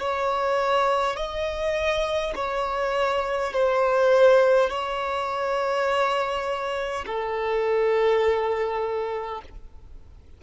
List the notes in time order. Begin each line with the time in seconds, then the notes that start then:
0.00 C#5
1.17 D#5
2.36 C#5
3.53 C5
4.70 C#5
7.07 A4